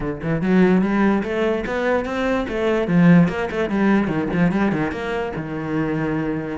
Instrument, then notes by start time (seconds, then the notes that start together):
cello
0.00 D3
0.22 E3
0.41 F#3
0.81 G3
1.23 A3
1.66 B3
2.05 C4
2.48 A3
2.87 F3
3.28 A#3
3.50 A3
3.69 G3
4.07 D#3
4.33 F3
4.51 G3
4.71 D#3
4.91 A#3
5.36 D#3